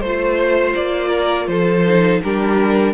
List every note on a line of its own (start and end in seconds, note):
0.00 0.74 A3
0.00 1.86 F4
0.00 0.73 C5
0.00 1.08 C5
0.74 1.47 A#3
0.74 1.47 D5
1.08 1.45 A#4
1.47 2.20 F3
1.47 2.23 A4
1.47 2.20 C5
1.86 2.23 D#4
2.23 2.93 G3
2.23 2.93 D4
2.23 2.93 G4
2.23 2.93 A#4